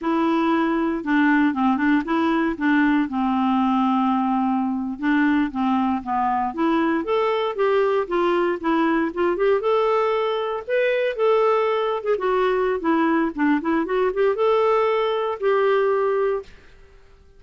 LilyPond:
\new Staff \with { instrumentName = "clarinet" } { \time 4/4 \tempo 4 = 117 e'2 d'4 c'8 d'8 | e'4 d'4 c'2~ | c'4.~ c'16 d'4 c'4 b16~ | b8. e'4 a'4 g'4 f'16~ |
f'8. e'4 f'8 g'8 a'4~ a'16~ | a'8. b'4 a'4.~ a'16 gis'16 fis'16~ | fis'4 e'4 d'8 e'8 fis'8 g'8 | a'2 g'2 | }